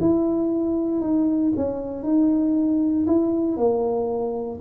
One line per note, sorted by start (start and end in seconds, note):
0.00 1.01 E4
1.01 1.52 D#4
1.56 2.03 C#4
2.03 3.06 D#4
3.07 3.56 E4
3.56 4.59 A#3